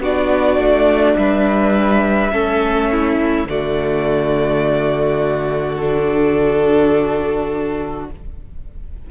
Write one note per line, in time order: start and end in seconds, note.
0.00 0.58 B3
0.00 2.31 D4
0.00 1.18 F#4
0.00 1.17 D5
0.58 1.15 A3
1.17 2.32 G3
1.17 2.33 B4
1.17 3.48 E5
2.31 3.45 A3
2.31 3.47 C#4
2.31 2.91 A4
2.91 3.49 E4
3.45 8.07 D3
3.45 5.80 A3
3.45 8.11 F#4
3.45 5.75 D5
5.75 8.11 D4
5.75 8.06 A4